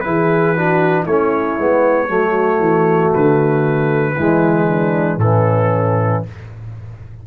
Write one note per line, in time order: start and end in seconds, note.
0.00 1.06 E3
0.00 0.55 E4
0.00 0.57 G#4
0.00 1.03 B4
0.56 1.07 D4
0.56 1.03 F#4
1.03 1.58 A3
1.03 2.06 E4
1.03 3.13 C#5
1.10 1.59 C#4
1.58 2.09 G#3
1.58 2.08 B3
2.08 2.59 F#3
2.08 4.15 A3
2.08 4.14 F#4
2.59 3.11 E3
3.14 4.19 D3
3.14 5.19 B4
4.14 5.17 E3
4.14 5.20 G#3
4.14 4.66 E4
4.68 5.20 D4
5.17 6.21 A2
5.17 6.25 E3
5.17 6.27 C#4
5.17 6.23 A4